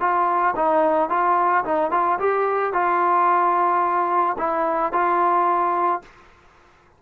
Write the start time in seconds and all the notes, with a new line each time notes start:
0.00 F4
0.56 D#4
1.09 F4
1.65 D#4
1.91 F4
2.19 G4
2.73 F4
4.38 E4
4.93 F4